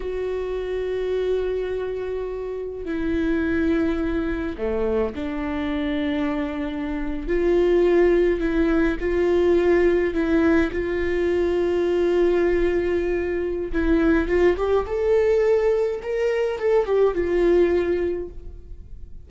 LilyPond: \new Staff \with { instrumentName = "viola" } { \time 4/4 \tempo 4 = 105 fis'1~ | fis'4 e'2. | a4 d'2.~ | d'8. f'2 e'4 f'16~ |
f'4.~ f'16 e'4 f'4~ f'16~ | f'1 | e'4 f'8 g'8 a'2 | ais'4 a'8 g'8 f'2 | }